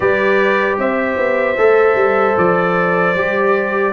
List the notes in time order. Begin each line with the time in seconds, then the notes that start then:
0.00 G3 G4 B4 D5
0.78 C4 C5 E5
1.17 B3
1.57 A3 A4
1.94 G3
2.37 F3 D5
3.14 G3 G4